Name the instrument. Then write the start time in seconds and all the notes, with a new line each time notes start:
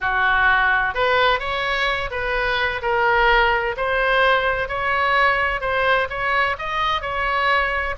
oboe
0.00 F#4
0.94 B4
1.39 C#5
2.11 B4
2.82 A#4
3.76 C5
4.68 C#5
5.61 C5
6.09 C#5
6.58 D#5
7.01 C#5